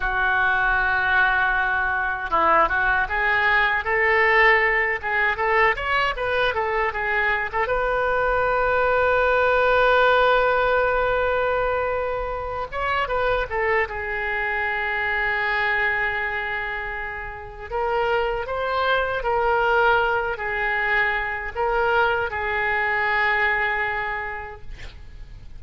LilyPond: \new Staff \with { instrumentName = "oboe" } { \time 4/4 \tempo 4 = 78 fis'2. e'8 fis'8 | gis'4 a'4. gis'8 a'8 cis''8 | b'8 a'8 gis'8. a'16 b'2~ | b'1~ |
b'8 cis''8 b'8 a'8 gis'2~ | gis'2. ais'4 | c''4 ais'4. gis'4. | ais'4 gis'2. | }